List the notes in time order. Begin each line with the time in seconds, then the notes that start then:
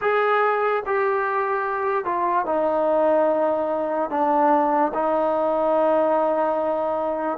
0.01 G#4
0.86 G4
2.04 F4
2.45 D#4
4.09 D4
4.94 D#4